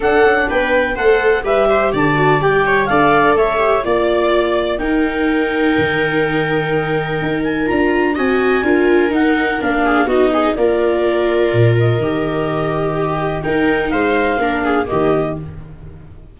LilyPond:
<<
  \new Staff \with { instrumentName = "clarinet" } { \time 4/4 \tempo 4 = 125 fis''4 g''4 fis''4 e''4 | a''4 g''4 f''4 e''4 | d''2 g''2~ | g''2.~ g''8 gis''8 |
ais''4 gis''2 fis''4 | f''4 dis''4 d''2~ | d''8 dis''2.~ dis''8 | g''4 f''2 dis''4 | }
  \new Staff \with { instrumentName = "viola" } { \time 4/4 a'4 b'4 c''4 b'8 c''8 | d''4. cis''8 d''4 cis''4 | d''2 ais'2~ | ais'1~ |
ais'4 dis''4 ais'2~ | ais'8 gis'8 fis'8 gis'8 ais'2~ | ais'2. g'4 | ais'4 c''4 ais'8 gis'8 g'4 | }
  \new Staff \with { instrumentName = "viola" } { \time 4/4 d'2 a'4 g'4~ | g'8 fis'8 g'4 a'4. g'8 | f'2 dis'2~ | dis'1 |
f'4 fis'4 f'4 dis'4 | d'4 dis'4 f'2~ | f'4 g'2. | dis'2 d'4 ais4 | }
  \new Staff \with { instrumentName = "tuba" } { \time 4/4 d'8 cis'8 b4 a4 g4 | d4 g4 d'4 a4 | ais2 dis'2 | dis2. dis'4 |
d'4 c'4 d'4 dis'4 | ais4 b4 ais2 | ais,4 dis2. | dis'4 gis4 ais4 dis4 | }
>>